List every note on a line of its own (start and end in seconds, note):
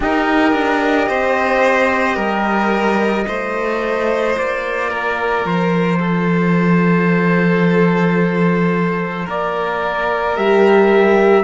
0.00 0.53 D#4
0.00 3.26 G4
0.00 1.08 A#4
0.00 4.38 D#5
0.53 1.07 D4
1.08 2.16 C4
1.08 2.15 C5
2.15 3.25 G3
2.15 3.25 A#4
3.26 4.36 A3
3.26 10.35 F4
3.26 4.89 C5
4.37 5.44 A#3
4.37 5.46 D5
4.89 5.98 A#4
5.44 9.26 F3
5.44 9.28 C5
5.99 9.25 A4
9.25 10.37 A#3
9.25 11.43 A#4
9.25 10.36 D5
10.36 11.43 G3
10.36 11.43 G4
10.36 11.43 E5